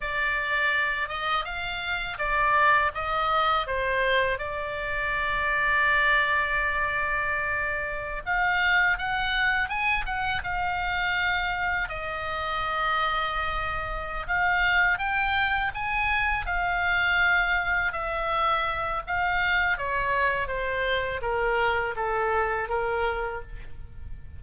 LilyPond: \new Staff \with { instrumentName = "oboe" } { \time 4/4 \tempo 4 = 82 d''4. dis''8 f''4 d''4 | dis''4 c''4 d''2~ | d''2.~ d''16 f''8.~ | f''16 fis''4 gis''8 fis''8 f''4.~ f''16~ |
f''16 dis''2.~ dis''16 f''8~ | f''8 g''4 gis''4 f''4.~ | f''8 e''4. f''4 cis''4 | c''4 ais'4 a'4 ais'4 | }